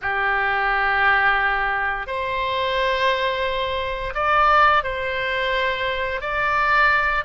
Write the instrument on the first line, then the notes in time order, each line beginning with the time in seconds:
oboe
0.01 G4
2.07 C5
4.14 D5
4.83 C5
6.21 D5